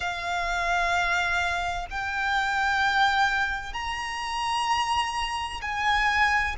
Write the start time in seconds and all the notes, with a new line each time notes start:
0.00 F5
1.90 G5
3.73 A#5
5.61 G#5